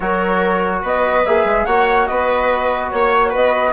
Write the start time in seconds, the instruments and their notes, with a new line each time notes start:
0.00 bassoon F#3, trombone F#4, viola A#4, flute C#5
0.82 bassoon B3, viola B4, flute D#5
1.26 bassoon A#3, trombone G#4, flute E5
1.44 bassoon G#3
1.65 bassoon A#3, trombone F#4, viola C#5, flute F#5
2.06 bassoon B3, viola B4, flute D#5
2.90 bassoon A#3, flute C#5, viola C#5
3.29 bassoon B3, viola B4, flute D#5